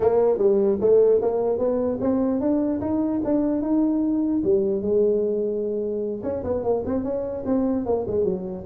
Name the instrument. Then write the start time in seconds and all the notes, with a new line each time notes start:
tuba
0.00 A#3
0.38 G3
0.80 A3
1.21 A#3
1.58 B3
2.00 C4
2.40 D4
2.81 D#4
3.24 D4
3.61 D#4
4.43 G3
4.81 G#3
6.23 C#4
6.43 B3
6.63 A#3
6.85 C4
7.03 C#4
7.45 C4
7.85 A#3
8.07 G#3
8.24 F#3